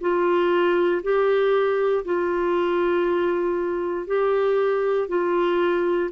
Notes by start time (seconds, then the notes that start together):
0.00 F4
1.03 G4
2.04 F4
4.06 G4
5.08 F4